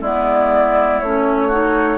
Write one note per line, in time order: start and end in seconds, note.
0.00 1.00 G#3
0.00 1.03 B3
0.00 1.48 E4
0.00 1.00 D5
1.00 1.98 A3
1.00 1.51 C#4
1.00 1.98 C#5
1.48 1.98 D#4
1.48 1.97 F#4